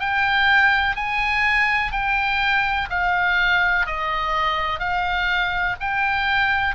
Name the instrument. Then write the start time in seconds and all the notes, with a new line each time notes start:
oboe
0.00 G5
0.96 G#5
1.92 G5
2.89 F5
3.86 D#5
4.79 F5
5.80 G5